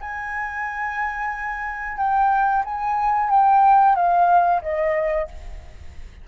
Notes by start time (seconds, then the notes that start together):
0.00 G#5
1.97 G5
2.65 G#5
3.29 G5
3.95 F5
4.62 D#5